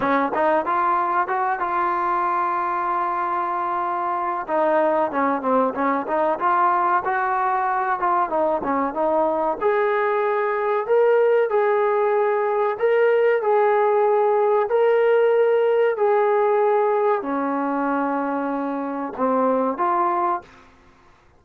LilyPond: \new Staff \with { instrumentName = "trombone" } { \time 4/4 \tempo 4 = 94 cis'8 dis'8 f'4 fis'8 f'4.~ | f'2. dis'4 | cis'8 c'8 cis'8 dis'8 f'4 fis'4~ | fis'8 f'8 dis'8 cis'8 dis'4 gis'4~ |
gis'4 ais'4 gis'2 | ais'4 gis'2 ais'4~ | ais'4 gis'2 cis'4~ | cis'2 c'4 f'4 | }